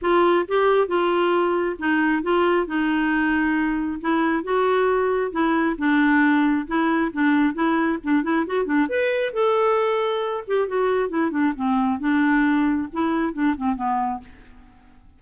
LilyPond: \new Staff \with { instrumentName = "clarinet" } { \time 4/4 \tempo 4 = 135 f'4 g'4 f'2 | dis'4 f'4 dis'2~ | dis'4 e'4 fis'2 | e'4 d'2 e'4 |
d'4 e'4 d'8 e'8 fis'8 d'8 | b'4 a'2~ a'8 g'8 | fis'4 e'8 d'8 c'4 d'4~ | d'4 e'4 d'8 c'8 b4 | }